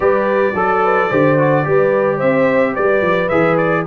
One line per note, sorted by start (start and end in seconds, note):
0.00 0.53 G3
0.00 0.53 G4
0.00 0.53 B4
0.00 2.19 D5
0.53 1.09 F#3
0.53 0.81 A4
0.53 1.10 A4
0.83 1.09 B4
1.09 1.66 D3
1.09 1.38 G4
1.09 1.64 C5
1.38 1.64 F#4
1.64 2.21 G3
1.64 3.29 G4
1.64 2.16 B4
2.16 2.76 C4
2.16 2.71 C5
2.16 2.74 E5
2.73 3.01 G3
2.73 3.83 B4
2.73 3.29 D5
3.01 3.29 F3
3.29 3.86 E3
3.29 3.85 G#4
3.29 3.56 E5
3.57 3.84 D5